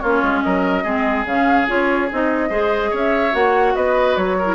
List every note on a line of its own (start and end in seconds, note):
0.00 0.22 A#3
0.00 0.85 C#4
0.00 0.43 F4
0.00 0.41 C#5
0.22 0.43 G#3
0.42 0.84 F#3
0.42 0.84 A#4
0.42 1.25 D#5
0.84 1.25 G#3
0.84 1.26 C4
0.84 2.49 G#4
1.25 1.67 C#3
1.25 1.68 C#4
1.25 1.68 F5
1.68 2.11 C#4
1.68 2.09 F4
1.68 2.11 C#5
2.12 2.50 C4
2.12 2.50 D#4
2.12 2.96 D#5
2.49 2.91 G#3
2.49 3.32 G#4
2.49 2.91 C5
2.91 3.34 C#4
2.91 3.73 C#5
2.97 3.35 E5
3.32 3.75 A#3
3.32 4.45 F#4
3.32 3.75 F#5
3.75 4.17 B3
3.75 4.38 B4
3.75 4.17 D#5
4.17 4.55 F#3
4.17 4.55 C#5
4.39 4.55 A#4
4.45 4.55 E4